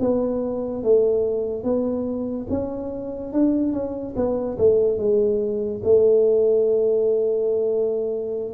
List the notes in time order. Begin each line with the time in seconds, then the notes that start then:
0.00 B3
0.83 A3
1.63 B3
2.50 C#4
3.33 D4
3.73 C#4
4.16 B3
4.58 A3
4.98 G#3
5.84 A3